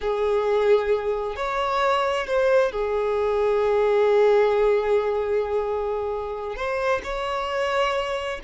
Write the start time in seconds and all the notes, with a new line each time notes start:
0.00 G#4
1.36 C#5
2.26 C5
2.71 G#4
6.56 C5
7.03 C#5